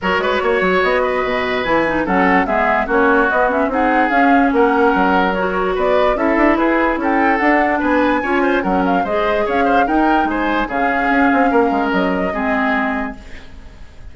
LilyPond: <<
  \new Staff \with { instrumentName = "flute" } { \time 4/4 \tempo 4 = 146 cis''2 dis''2 | gis''4 fis''4 e''4 cis''4 | dis''8 e''8 fis''4 f''4 fis''4~ | fis''4 cis''4 d''4 e''4 |
b'4 g''4 fis''4 gis''4~ | gis''4 fis''8 f''8 dis''4 f''4 | g''4 gis''4 f''2~ | f''4 dis''2. | }
  \new Staff \with { instrumentName = "oboe" } { \time 4/4 ais'8 b'8 cis''4. b'4.~ | b'4 a'4 gis'4 fis'4~ | fis'4 gis'2 ais'4~ | ais'2 b'4 a'4 |
gis'4 a'2 b'4 | cis''8 c''8 ais'4 c''4 cis''8 c''8 | ais'4 c''4 gis'2 | ais'2 gis'2 | }
  \new Staff \with { instrumentName = "clarinet" } { \time 4/4 fis'1 | e'8 dis'8 cis'4 b4 cis'4 | b8 cis'8 dis'4 cis'2~ | cis'4 fis'2 e'4~ |
e'2 d'2 | f'4 cis'4 gis'2 | dis'2 cis'2~ | cis'2 c'2 | }
  \new Staff \with { instrumentName = "bassoon" } { \time 4/4 fis8 gis8 ais8 fis8 b4 b,4 | e4 fis4 gis4 ais4 | b4 c'4 cis'4 ais4 | fis2 b4 cis'8 d'8 |
e'4 cis'4 d'4 b4 | cis'4 fis4 gis4 cis'4 | dis'4 gis4 cis4 cis'8 c'8 | ais8 gis8 fis4 gis2 | }
>>